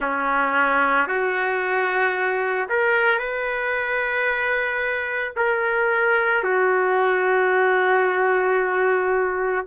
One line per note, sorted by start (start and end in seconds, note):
0.00 1.07 C#4
1.07 2.68 F#4
2.69 3.19 A#4
3.19 5.33 B4
5.36 6.43 A#4
6.43 9.65 F#4